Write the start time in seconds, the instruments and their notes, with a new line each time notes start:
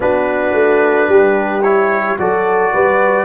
0.00 tuba B3, trombone D4, horn F#4, trumpet B4
0.53 tuba A3
1.08 tuba G3, horn G4
1.62 trombone E4, trumpet C#5
2.18 tuba F#3, trombone F#4, horn A4, trumpet D5
2.73 tuba G3, horn B4